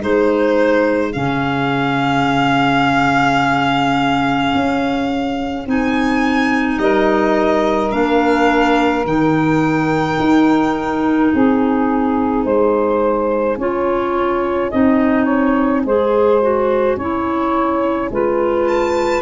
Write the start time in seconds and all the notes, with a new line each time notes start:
0.00 G#3 D#4 G#4 C5
1.12 C#3 C#4 F5
4.54 C#4
5.66 C4 D#4 G#5
6.78 G3 A#4 D#5
7.91 A#3 D4 F5
9.05 D#3 D#4 G5
10.20 D#4
11.33 C4 G#4 G#5
12.44 G#3 C5
13.57 C#4 F4 C#5
14.71 C4 D#4 D#5
15.25 C#5
15.85 G#3 G#4 C5
16.42 F#4
16.97 C#4 E4 C#5
18.11 G#3 F4 B4
18.67 A5